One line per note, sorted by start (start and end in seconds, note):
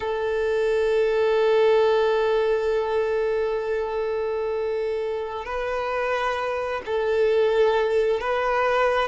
0.00 5.45 A4
5.45 6.81 B4
6.85 8.20 A4
8.20 9.08 B4